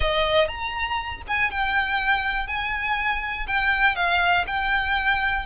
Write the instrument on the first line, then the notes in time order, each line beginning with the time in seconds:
violin
0.00 D#5
0.47 A#5
1.27 G#5
1.50 G5
2.47 G#5
3.47 G5
3.95 F5
4.46 G5